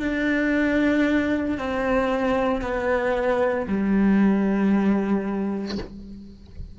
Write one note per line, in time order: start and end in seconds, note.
0.00 1.58 D4
1.58 2.62 C4
2.62 3.67 B3
3.67 5.78 G3